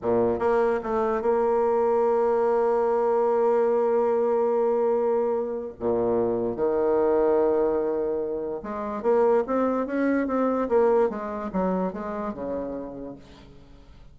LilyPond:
\new Staff \with { instrumentName = "bassoon" } { \time 4/4 \tempo 4 = 146 ais,4 ais4 a4 ais4~ | ais1~ | ais1~ | ais2 ais,2 |
dis1~ | dis4 gis4 ais4 c'4 | cis'4 c'4 ais4 gis4 | fis4 gis4 cis2 | }